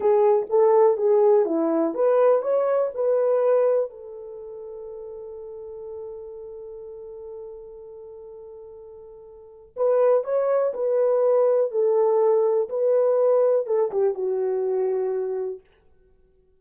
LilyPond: \new Staff \with { instrumentName = "horn" } { \time 4/4 \tempo 4 = 123 gis'4 a'4 gis'4 e'4 | b'4 cis''4 b'2 | a'1~ | a'1~ |
a'1 | b'4 cis''4 b'2 | a'2 b'2 | a'8 g'8 fis'2. | }